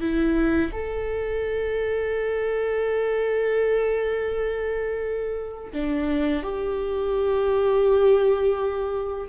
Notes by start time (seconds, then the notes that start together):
0.00 E4
0.72 A4
5.72 D4
6.43 G4